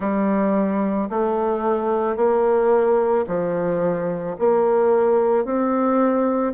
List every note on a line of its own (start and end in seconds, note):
0.00 1.09 G3
1.09 2.16 A3
2.16 3.25 A#3
3.27 4.36 F3
4.38 5.44 A#3
5.44 6.53 C4